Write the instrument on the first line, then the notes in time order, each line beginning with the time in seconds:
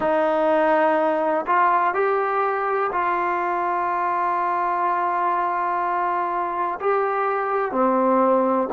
trombone
0.00 D#4
1.46 F4
1.94 G4
2.92 F4
6.80 G4
7.72 C4